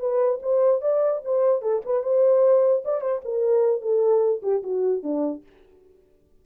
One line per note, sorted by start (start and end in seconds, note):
0.00 0.40 B4
0.42 0.81 C5
0.81 1.21 D5
1.25 1.62 C5
1.62 1.82 A4
1.86 2.03 B4
2.03 2.83 C5
2.85 3.01 D5
3.01 3.21 C5
3.25 3.82 A#4
3.82 4.42 A4
4.43 4.63 G4
4.63 5.03 F#4
5.03 5.43 D4